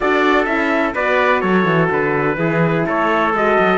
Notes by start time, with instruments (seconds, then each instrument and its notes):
0.00 cello D4, horn F#4, trumpet A4 D5
0.45 cello C#4, horn E4, trumpet E5
0.94 cello B3, horn F#4, trumpet B4 D5
1.40 cello F#3, trumpet A4 C#5
1.65 cello E3
1.90 cello D3, trumpet B4
2.36 cello E3, horn E4, trumpet G#4
2.86 cello A3, trumpet A4 C#5
3.33 cello G#3, horn F#4, trumpet D#5
3.59 cello F#3